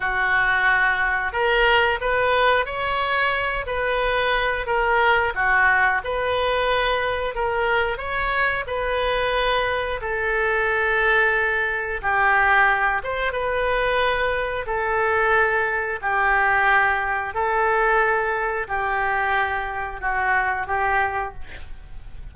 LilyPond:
\new Staff \with { instrumentName = "oboe" } { \time 4/4 \tempo 4 = 90 fis'2 ais'4 b'4 | cis''4. b'4. ais'4 | fis'4 b'2 ais'4 | cis''4 b'2 a'4~ |
a'2 g'4. c''8 | b'2 a'2 | g'2 a'2 | g'2 fis'4 g'4 | }